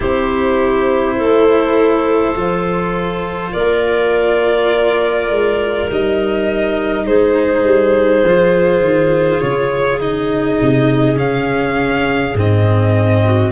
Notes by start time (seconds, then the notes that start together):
0.00 C4 E4 G4 C5
1.16 A3 A4
2.35 F3 F4
3.52 A#3 A#4 D5
5.29 G#3
5.88 G3 D#4 D#5
7.05 G#3 G#4 C5
7.63 G3
8.24 F3 F4
8.79 D#3
9.40 C#3 C#5
10.00 D#4 D#5
10.61 C3
11.16 C#3 C#4 F5
12.34 G#2 C4 D#5
13.24 F#4